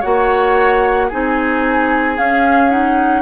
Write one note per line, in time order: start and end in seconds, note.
0.00 1.12 A#3
0.00 1.10 F#4
0.00 1.07 C#5
0.00 1.09 F#5
1.08 2.18 C4
1.08 2.17 D#4
1.08 3.22 G#4
1.08 2.18 G#5
2.17 2.71 C#4
2.17 3.22 C#4
2.17 2.71 F5
2.71 3.22 D#4
2.71 3.22 F#5